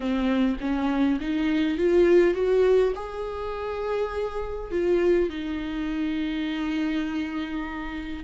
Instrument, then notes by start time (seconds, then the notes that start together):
viola
0.00 C4
0.60 C#4
1.20 D#4
1.77 F4
2.34 F#4
2.95 G#4
4.71 F4
5.29 D#4